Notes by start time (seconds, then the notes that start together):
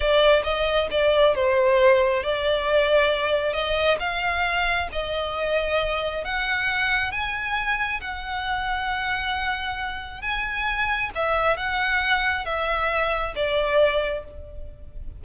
0.00 D5
0.43 D#5
0.90 D5
1.34 C5
2.23 D5
3.53 D#5
3.99 F5
4.92 D#5
6.24 F#5
7.11 G#5
8.01 F#5
10.21 G#5
11.15 E5
11.56 F#5
12.45 E5
13.35 D5